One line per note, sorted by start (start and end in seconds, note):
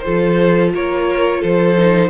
0.00 1.77 F4
0.00 0.73 A4
0.00 0.69 C5
0.06 0.74 F3
0.74 1.43 A#3
0.74 1.41 A#4
0.74 1.43 C#5
1.41 2.10 F3
1.41 2.09 A4
1.41 2.10 C5
1.78 2.10 D#4